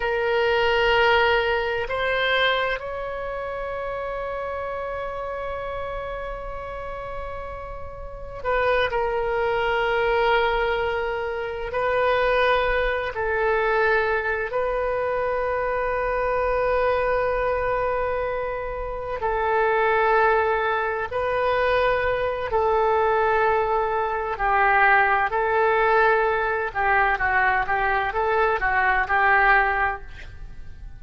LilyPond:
\new Staff \with { instrumentName = "oboe" } { \time 4/4 \tempo 4 = 64 ais'2 c''4 cis''4~ | cis''1~ | cis''4 b'8 ais'2~ ais'8~ | ais'8 b'4. a'4. b'8~ |
b'1~ | b'8 a'2 b'4. | a'2 g'4 a'4~ | a'8 g'8 fis'8 g'8 a'8 fis'8 g'4 | }